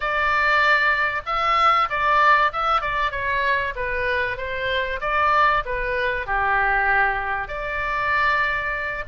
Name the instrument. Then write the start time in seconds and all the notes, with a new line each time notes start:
oboe
0.00 D5
1.26 E5
1.89 D5
2.52 E5
2.81 D5
3.11 C#5
3.75 B4
4.37 C5
5.01 D5
5.65 B4
6.26 G4
7.48 D5